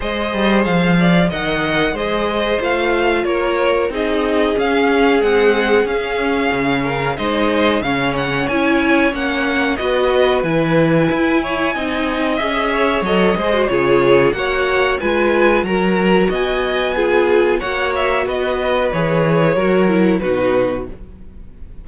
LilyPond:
<<
  \new Staff \with { instrumentName = "violin" } { \time 4/4 \tempo 4 = 92 dis''4 f''4 fis''4 dis''4 | f''4 cis''4 dis''4 f''4 | fis''4 f''2 dis''4 | f''8 fis''8 gis''4 fis''4 dis''4 |
gis''2. e''4 | dis''4 cis''4 fis''4 gis''4 | ais''4 gis''2 fis''8 e''8 | dis''4 cis''2 b'4 | }
  \new Staff \with { instrumentName = "violin" } { \time 4/4 c''4. d''8 dis''4 c''4~ | c''4 ais'4 gis'2~ | gis'2~ gis'8 ais'8 c''4 | cis''2. b'4~ |
b'4. cis''8 dis''4. cis''8~ | cis''8 c''8 gis'4 cis''4 b'4 | ais'4 dis''4 gis'4 cis''4 | b'2 ais'4 fis'4 | }
  \new Staff \with { instrumentName = "viola" } { \time 4/4 gis'2 ais'4 gis'4 | f'2 dis'4 cis'4 | gis4 cis'2 dis'4 | cis'4 e'4 cis'4 fis'4 |
e'2 dis'4 gis'4 | a'8 gis'16 fis'16 f'4 fis'4 f'4 | fis'2 f'4 fis'4~ | fis'4 gis'4 fis'8 e'8 dis'4 | }
  \new Staff \with { instrumentName = "cello" } { \time 4/4 gis8 g8 f4 dis4 gis4 | a4 ais4 c'4 cis'4 | c'4 cis'4 cis4 gis4 | cis4 cis'4 ais4 b4 |
e4 e'4 c'4 cis'4 | fis8 gis8 cis4 ais4 gis4 | fis4 b2 ais4 | b4 e4 fis4 b,4 | }
>>